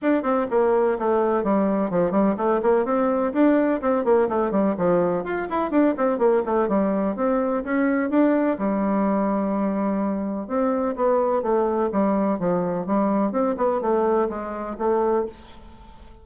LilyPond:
\new Staff \with { instrumentName = "bassoon" } { \time 4/4 \tempo 4 = 126 d'8 c'8 ais4 a4 g4 | f8 g8 a8 ais8 c'4 d'4 | c'8 ais8 a8 g8 f4 f'8 e'8 | d'8 c'8 ais8 a8 g4 c'4 |
cis'4 d'4 g2~ | g2 c'4 b4 | a4 g4 f4 g4 | c'8 b8 a4 gis4 a4 | }